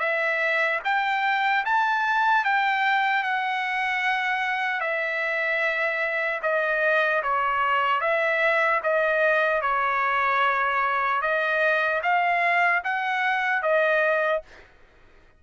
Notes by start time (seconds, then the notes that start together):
0.00 E5
0.85 G5
1.66 A5
2.45 G5
3.24 F#5
4.81 E5
6.43 D#5
7.23 C#5
8.01 E5
8.84 D#5
9.62 C#5
11.22 D#5
12.03 F5
12.84 F#5
13.63 D#5